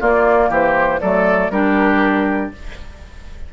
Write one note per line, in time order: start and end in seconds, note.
0.00 1.01 A#3
0.00 0.49 A#3
0.00 0.49 F4
0.00 0.52 D5
0.49 1.00 E3
0.49 1.00 G4
0.49 1.00 C5
1.00 1.50 F#3
1.00 1.52 A3
1.00 1.51 A4
1.00 1.50 D5
1.50 2.50 G3
1.50 2.53 D4
1.50 2.53 G4
1.50 2.51 A#4